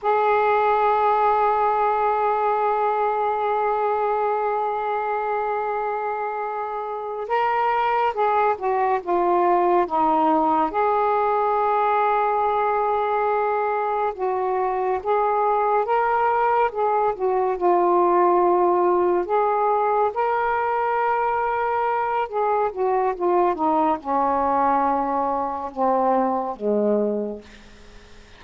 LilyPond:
\new Staff \with { instrumentName = "saxophone" } { \time 4/4 \tempo 4 = 70 gis'1~ | gis'1~ | gis'8 ais'4 gis'8 fis'8 f'4 dis'8~ | dis'8 gis'2.~ gis'8~ |
gis'8 fis'4 gis'4 ais'4 gis'8 | fis'8 f'2 gis'4 ais'8~ | ais'2 gis'8 fis'8 f'8 dis'8 | cis'2 c'4 gis4 | }